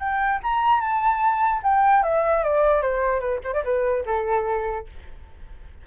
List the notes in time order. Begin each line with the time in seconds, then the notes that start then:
0.00 G5
0.43 A#5
0.81 A5
1.63 G5
2.04 E5
2.44 D5
2.82 C5
3.20 B4
3.44 C5
3.54 D5
3.64 B4
4.06 A4